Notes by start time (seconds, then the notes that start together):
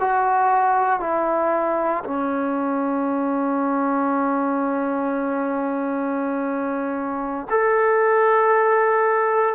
0.00 F#4
1.00 E4
2.05 C#4
7.50 A4